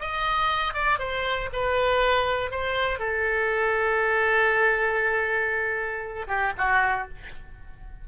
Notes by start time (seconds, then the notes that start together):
0.00 D#5
0.74 D5
0.99 C5
1.53 B4
2.51 C5
3.00 A4
6.28 G4
6.58 F#4